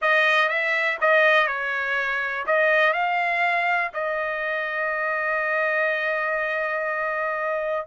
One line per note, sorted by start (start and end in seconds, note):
0.01 0.49 D#5
0.49 0.98 E5
1.01 1.47 D#5
1.47 2.45 C#5
2.46 2.93 D#5
2.93 3.91 F5
3.93 7.86 D#5